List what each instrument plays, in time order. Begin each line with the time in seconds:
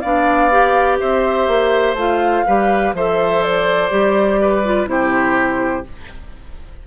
0.00 bassoon B3, clarinet D4, oboe D5, flute F5
0.51 clarinet G4
0.99 bassoon C4, oboe C5, flute E5
1.47 bassoon A#3
1.94 bassoon A3, clarinet F4, flute F5
2.46 bassoon G3, clarinet G4, oboe B4
2.93 bassoon F3, clarinet A4, oboe C5, flute E5
3.43 flute D5
3.90 bassoon G3, clarinet G4
4.41 oboe B4
4.65 clarinet F4
4.86 bassoon C3, clarinet E4, oboe G4, flute C5